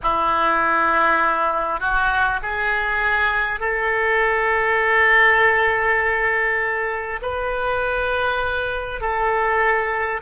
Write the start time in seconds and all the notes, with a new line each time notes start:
0.02 E4
1.79 F#4
2.42 G#4
3.59 A4
7.22 B4
9.00 A4